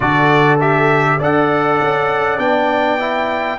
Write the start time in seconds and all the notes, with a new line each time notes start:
0.00 D3 F#4 A4 D5
0.59 G4 E5
1.18 D4 A4 D5 F#5
1.80 C#4
2.38 B3 D4 G5
2.98 E4